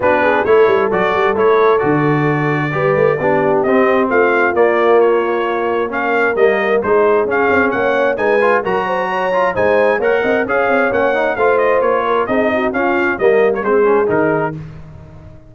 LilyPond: <<
  \new Staff \with { instrumentName = "trumpet" } { \time 4/4 \tempo 4 = 132 b'4 cis''4 d''4 cis''4 | d''1 | dis''4 f''4 d''4 cis''4~ | cis''4 f''4 dis''4 c''4 |
f''4 fis''4 gis''4 ais''4~ | ais''4 gis''4 fis''4 f''4 | fis''4 f''8 dis''8 cis''4 dis''4 | f''4 dis''8. cis''16 c''4 ais'4 | }
  \new Staff \with { instrumentName = "horn" } { \time 4/4 fis'8 gis'8 a'2.~ | a'2 b'4 g'4~ | g'4 f'2.~ | f'4 ais'2 gis'4~ |
gis'4 cis''4 b'4 ais'8 c''8 | cis''4 c''4 cis''8 dis''8 cis''4~ | cis''4 c''4. ais'8 gis'8 fis'8 | f'4 ais'4 gis'2 | }
  \new Staff \with { instrumentName = "trombone" } { \time 4/4 d'4 e'4 fis'4 e'4 | fis'2 g'4 d'4 | c'2 ais2~ | ais4 cis'4 ais4 dis'4 |
cis'2 dis'8 f'8 fis'4~ | fis'8 f'8 dis'4 ais'4 gis'4 | cis'8 dis'8 f'2 dis'4 | cis'4 ais4 c'8 cis'8 dis'4 | }
  \new Staff \with { instrumentName = "tuba" } { \time 4/4 b4 a8 g8 fis8 g8 a4 | d2 g8 a8 b4 | c'4 a4 ais2~ | ais2 g4 gis4 |
cis'8 c'8 ais4 gis4 fis4~ | fis4 gis4 ais8 c'8 cis'8 c'8 | ais4 a4 ais4 c'4 | cis'4 g4 gis4 dis4 | }
>>